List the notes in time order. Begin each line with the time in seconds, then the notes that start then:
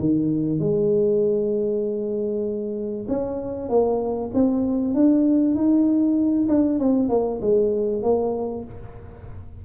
0.00 D#3
0.59 G#3
3.08 C#4
3.69 A#3
4.34 C4
4.94 D4
5.55 D#4
6.49 D4
6.79 C4
7.09 A#3
7.41 G#3
8.03 A#3